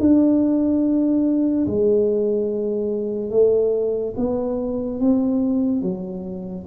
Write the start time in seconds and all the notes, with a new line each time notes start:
0.00 D4
1.67 G#3
3.31 A3
4.17 B3
5.00 C4
5.82 F#3